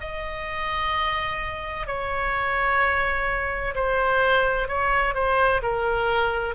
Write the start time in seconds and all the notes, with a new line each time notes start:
0.00 D#5
1.87 C#5
3.75 C5
4.68 C#5
5.14 C5
5.62 A#4